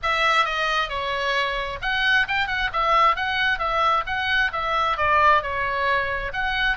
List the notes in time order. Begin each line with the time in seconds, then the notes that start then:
0.02 E5
0.45 D#5
0.89 C#5
1.81 F#5
2.28 G5
2.47 F#5
2.73 E5
3.16 F#5
3.58 E5
4.06 F#5
4.52 E5
4.97 D5
5.42 C#5
6.32 F#5